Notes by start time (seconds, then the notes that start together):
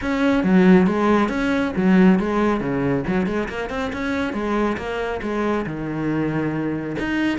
0.01 C#4
0.43 F#3
0.86 G#3
1.28 C#4
1.76 F#3
2.19 G#3
2.60 C#3
3.07 F#3
3.26 G#3
3.48 A#3
3.69 C4
3.92 C#4
4.33 G#3
4.77 A#3
5.22 G#3
5.65 D#3
6.98 D#4